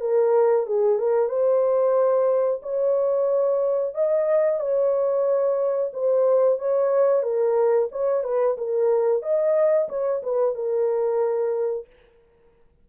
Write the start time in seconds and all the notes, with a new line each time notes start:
0.00 A#4
0.66 G#4
0.99 A#4
1.28 C5
2.62 C#5
3.94 D#5
4.59 C#5
5.93 C5
6.58 C#5
7.22 A#4
7.91 C#5
8.23 B4
8.57 A#4
9.22 D#5
9.88 C#5
10.23 B4
10.54 A#4